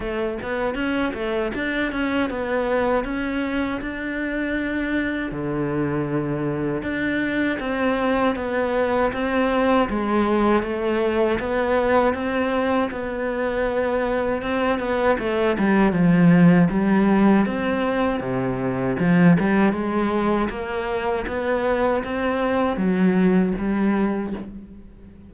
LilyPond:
\new Staff \with { instrumentName = "cello" } { \time 4/4 \tempo 4 = 79 a8 b8 cis'8 a8 d'8 cis'8 b4 | cis'4 d'2 d4~ | d4 d'4 c'4 b4 | c'4 gis4 a4 b4 |
c'4 b2 c'8 b8 | a8 g8 f4 g4 c'4 | c4 f8 g8 gis4 ais4 | b4 c'4 fis4 g4 | }